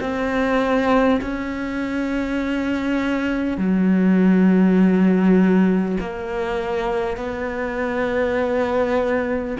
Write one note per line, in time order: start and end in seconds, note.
0.00 1.20 C4
1.21 3.57 C#4
3.57 5.97 F#3
5.99 7.17 A#3
7.17 9.57 B3